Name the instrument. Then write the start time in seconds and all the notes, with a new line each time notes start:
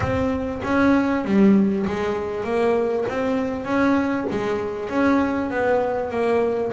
double bass
0.00 C4
0.63 C#4
1.24 G3
1.86 G#3
2.44 A#3
3.08 C4
3.65 C#4
4.30 G#3
4.89 C#4
5.50 B3
6.10 A#3